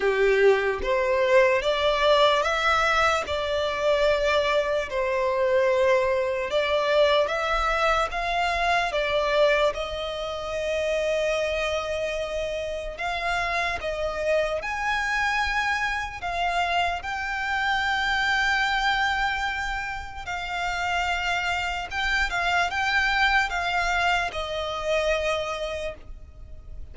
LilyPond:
\new Staff \with { instrumentName = "violin" } { \time 4/4 \tempo 4 = 74 g'4 c''4 d''4 e''4 | d''2 c''2 | d''4 e''4 f''4 d''4 | dis''1 |
f''4 dis''4 gis''2 | f''4 g''2.~ | g''4 f''2 g''8 f''8 | g''4 f''4 dis''2 | }